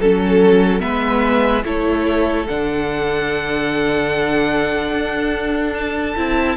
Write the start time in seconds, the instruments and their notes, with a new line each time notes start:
0.00 cello F#3, viola C#4, violin A4
0.80 cello G#3, viola B3, violin B4 E5
1.65 cello A3, viola E4, violin A4 C#5
2.48 cello D3, viola D4, violin F#5
4.93 cello D4
5.75 violin A5
6.17 cello C4, viola E4